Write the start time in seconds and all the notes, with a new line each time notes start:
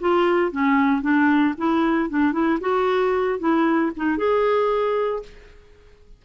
0.00 F4
0.52 C#4
1.02 D4
1.58 E4
2.10 D4
2.33 E4
2.61 F#4
3.39 E4
3.96 D#4
4.17 G#4